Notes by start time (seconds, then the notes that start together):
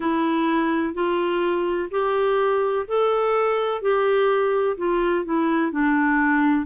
0.00 E4
0.94 F4
1.90 G4
2.87 A4
3.81 G4
4.77 F4
5.24 E4
5.71 D4